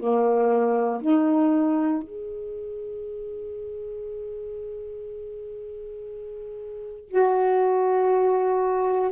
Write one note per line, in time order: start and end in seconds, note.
0.00 1.02 A#3
1.02 2.03 D#4
2.03 7.09 G#4
7.09 9.12 F#4